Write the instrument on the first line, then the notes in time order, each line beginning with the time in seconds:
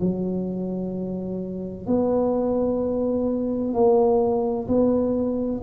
tuba
0.00 F#3
1.86 B3
3.73 A#3
4.67 B3